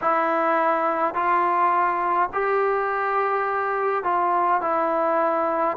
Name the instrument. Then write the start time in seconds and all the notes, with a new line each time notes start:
trombone
0.01 E4
1.14 F4
2.33 G4
4.03 F4
4.61 E4